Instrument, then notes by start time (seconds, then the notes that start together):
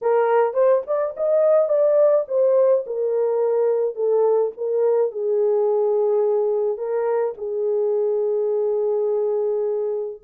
horn
0.01 A#4
0.53 C5
0.86 D5
1.17 D#5
1.68 D5
2.28 C5
2.86 A#4
3.95 A4
4.57 A#4
5.11 G#4
6.77 A#4
7.37 G#4